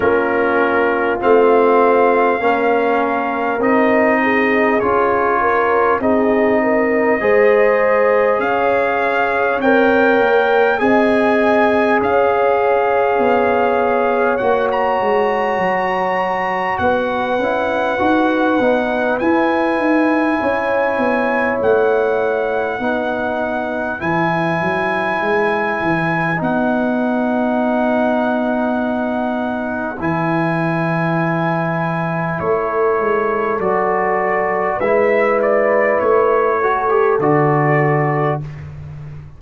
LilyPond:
<<
  \new Staff \with { instrumentName = "trumpet" } { \time 4/4 \tempo 4 = 50 ais'4 f''2 dis''4 | cis''4 dis''2 f''4 | g''4 gis''4 f''2 | fis''16 ais''4.~ ais''16 fis''2 |
gis''2 fis''2 | gis''2 fis''2~ | fis''4 gis''2 cis''4 | d''4 e''8 d''8 cis''4 d''4 | }
  \new Staff \with { instrumentName = "horn" } { \time 4/4 f'2 ais'4. gis'8~ | gis'8 ais'8 gis'8 ais'8 c''4 cis''4~ | cis''4 dis''4 cis''2~ | cis''2 b'2~ |
b'4 cis''2 b'4~ | b'1~ | b'2. a'4~ | a'4 b'4. a'4. | }
  \new Staff \with { instrumentName = "trombone" } { \time 4/4 cis'4 c'4 cis'4 dis'4 | f'4 dis'4 gis'2 | ais'4 gis'2. | fis'2~ fis'8 e'8 fis'8 dis'8 |
e'2. dis'4 | e'2 dis'2~ | dis'4 e'2. | fis'4 e'4. fis'16 g'16 fis'4 | }
  \new Staff \with { instrumentName = "tuba" } { \time 4/4 ais4 a4 ais4 c'4 | cis'4 c'4 gis4 cis'4 | c'8 ais8 c'4 cis'4 b4 | ais8 gis8 fis4 b8 cis'8 dis'8 b8 |
e'8 dis'8 cis'8 b8 a4 b4 | e8 fis8 gis8 e8 b2~ | b4 e2 a8 gis8 | fis4 gis4 a4 d4 | }
>>